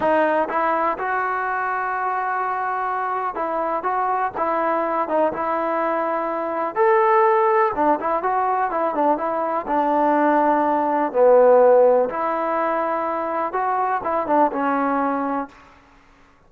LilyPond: \new Staff \with { instrumentName = "trombone" } { \time 4/4 \tempo 4 = 124 dis'4 e'4 fis'2~ | fis'2. e'4 | fis'4 e'4. dis'8 e'4~ | e'2 a'2 |
d'8 e'8 fis'4 e'8 d'8 e'4 | d'2. b4~ | b4 e'2. | fis'4 e'8 d'8 cis'2 | }